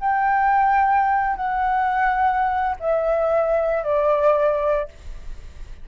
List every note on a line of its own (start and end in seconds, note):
0.00 1.36 G5
1.36 2.76 F#5
2.80 3.83 E5
3.83 4.88 D5